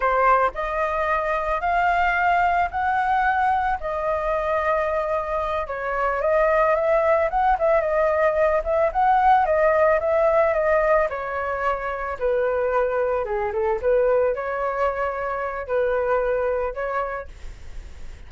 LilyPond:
\new Staff \with { instrumentName = "flute" } { \time 4/4 \tempo 4 = 111 c''4 dis''2 f''4~ | f''4 fis''2 dis''4~ | dis''2~ dis''8 cis''4 dis''8~ | dis''8 e''4 fis''8 e''8 dis''4. |
e''8 fis''4 dis''4 e''4 dis''8~ | dis''8 cis''2 b'4.~ | b'8 gis'8 a'8 b'4 cis''4.~ | cis''4 b'2 cis''4 | }